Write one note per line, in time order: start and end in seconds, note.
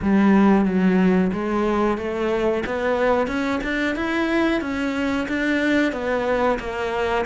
0.01 0.65 G3
0.65 1.31 F#3
1.32 1.97 G#3
1.97 2.63 A3
2.66 3.27 B3
3.27 3.60 C#4
3.63 3.95 D4
3.95 4.61 E4
4.61 5.27 C#4
5.28 5.92 D4
5.92 6.58 B3
6.59 7.25 A#3